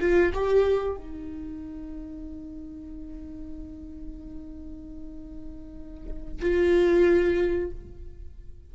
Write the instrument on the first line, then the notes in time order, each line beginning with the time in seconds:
viola
0.00 F4
0.33 G4
0.96 D#4
6.41 F4